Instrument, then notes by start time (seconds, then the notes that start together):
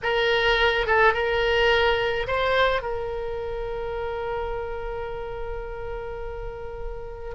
oboe
0.02 A#4
0.86 A4
1.13 A#4
2.27 C5
2.81 A#4